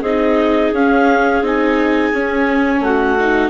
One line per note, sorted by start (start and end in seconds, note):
0.00 0.71 C4
0.00 0.74 D#4
0.00 2.79 G#4
0.00 0.72 D#5
0.72 1.41 C#4
0.72 1.43 C#4
0.72 1.44 F5
1.41 2.11 C4
1.41 2.12 D#4
1.41 2.83 G#5
2.12 3.17 C#4
2.12 2.80 C#4
2.80 3.49 A3
2.80 3.49 F#4
2.80 3.49 F#5
3.19 3.49 D#4